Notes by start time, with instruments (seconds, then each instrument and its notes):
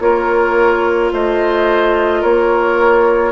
0.00 bassoon A#3, clarinet F4, oboe A#4, flute C#5
1.12 bassoon A3, oboe C5, flute D#5
2.21 bassoon A#3, oboe A#4, flute C#5